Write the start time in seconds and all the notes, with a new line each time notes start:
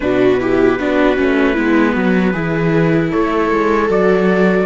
0.00 B2 D4 F#4 B4
0.40 E4 G4
0.78 B3 D4 F#4
1.16 A3 C#4
1.53 G#3 B3 E4
1.92 F#3 F#4
2.32 E3 E4 G#4
3.10 A3 A4 C#5
3.50 G#3
3.88 F#3 F#4 D5